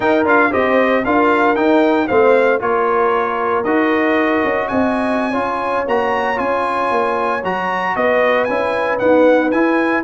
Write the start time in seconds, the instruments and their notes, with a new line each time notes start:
0.00 trombone D#4, tuba D#4, horn A#4, trumpet G5
0.24 tuba D4, trombone F4, trumpet F5
0.51 tuba C4, trombone G4, horn C5, trumpet D#5
1.04 tuba D4, trombone F4, horn A#4, trumpet F5
1.55 trombone D#4, tuba D#4, trumpet G5
2.07 tuba A3, trombone C4, horn C5, trumpet F5
2.59 tuba A#3, trombone F4, horn A#4, trumpet C#5
3.64 tuba D#4, trombone F#4, trumpet D#5
4.44 tuba C#4
4.68 tuba C4, horn D#5, trumpet G#5
5.31 tuba C#4, trombone F4, horn C#5
5.87 tuba A#3, trombone F#4, trumpet A#5
6.35 tuba C#4, trombone F4, trumpet G#5
6.91 tuba A#3
7.43 tuba F#3, trombone F#4, trumpet A#5
7.96 tuba B3, horn B4, trumpet D#5
8.44 tuba C#4, trombone E4, trumpet G#5
8.98 trombone B3, tuba D#4, trumpet F#5
9.51 tuba E4, trombone E4, trumpet G#5